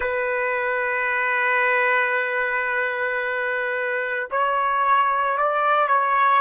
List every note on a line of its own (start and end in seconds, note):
0.00 4.29 B4
4.31 5.37 C#5
5.37 5.88 D5
5.88 6.41 C#5